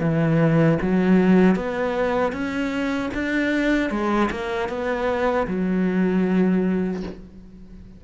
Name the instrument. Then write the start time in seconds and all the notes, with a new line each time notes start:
cello
0.00 E3
0.81 F#3
1.55 B3
2.32 C#4
3.14 D4
3.90 G#3
4.31 A#3
4.69 B3
5.47 F#3